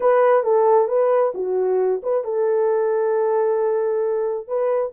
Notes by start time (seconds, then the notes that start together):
0.00 B4
0.43 A4
0.88 B4
1.34 F#4
2.03 B4
2.24 A4
4.47 B4